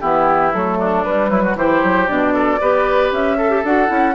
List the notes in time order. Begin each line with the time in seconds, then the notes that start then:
0.00 E3 B3 E4 G4
0.53 F#3 A3 A4
0.78 D4
1.04 G3 B4
1.29 F#3 E4
1.43 F#4
1.55 E3 E4 G4 C5
1.83 F#3
2.07 B2 D4 D5
2.33 A4
2.61 B3 G4 B4
3.11 C#4 E5
3.37 A4
3.50 G4
3.63 D4 F#4 F#5
3.87 C#4 E4